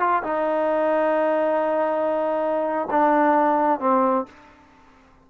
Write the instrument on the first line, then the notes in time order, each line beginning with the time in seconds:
trombone
0.00 F4
0.23 D#4
2.91 D4
3.80 C4